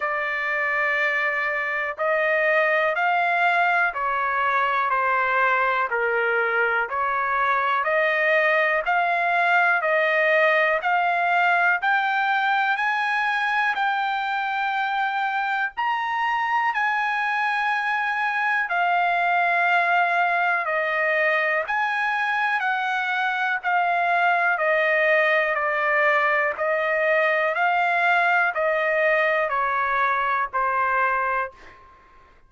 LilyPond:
\new Staff \with { instrumentName = "trumpet" } { \time 4/4 \tempo 4 = 61 d''2 dis''4 f''4 | cis''4 c''4 ais'4 cis''4 | dis''4 f''4 dis''4 f''4 | g''4 gis''4 g''2 |
ais''4 gis''2 f''4~ | f''4 dis''4 gis''4 fis''4 | f''4 dis''4 d''4 dis''4 | f''4 dis''4 cis''4 c''4 | }